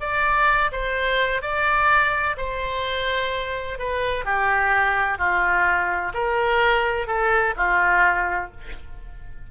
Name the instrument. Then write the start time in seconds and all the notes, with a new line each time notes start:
oboe
0.00 D5
0.72 C5
1.42 D5
2.37 C5
3.78 B4
4.25 G4
5.18 F4
6.14 A#4
7.07 A4
7.57 F4